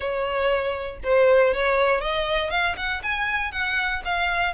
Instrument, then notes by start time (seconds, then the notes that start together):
violin
0.00 C#5
1.03 C5
1.54 C#5
2.01 D#5
2.50 F5
2.77 F#5
3.03 G#5
3.51 F#5
4.05 F5